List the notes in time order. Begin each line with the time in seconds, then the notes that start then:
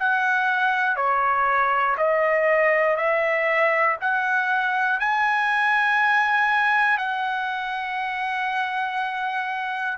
0.00 F#5
0.97 C#5
1.98 D#5
2.97 E5
4.01 F#5
5.00 G#5
6.98 F#5